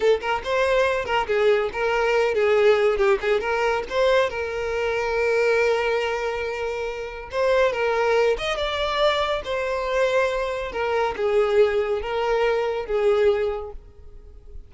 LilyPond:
\new Staff \with { instrumentName = "violin" } { \time 4/4 \tempo 4 = 140 a'8 ais'8 c''4. ais'8 gis'4 | ais'4. gis'4. g'8 gis'8 | ais'4 c''4 ais'2~ | ais'1~ |
ais'4 c''4 ais'4. dis''8 | d''2 c''2~ | c''4 ais'4 gis'2 | ais'2 gis'2 | }